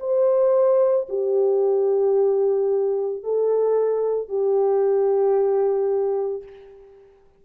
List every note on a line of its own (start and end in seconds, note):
0.00 1.07 C5
1.09 3.23 G4
3.23 4.29 A4
4.29 6.43 G4